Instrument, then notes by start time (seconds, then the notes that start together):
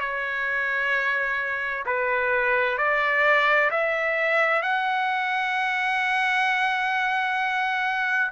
trumpet
0.00 C#5
1.86 B4
2.78 D5
3.71 E5
4.62 F#5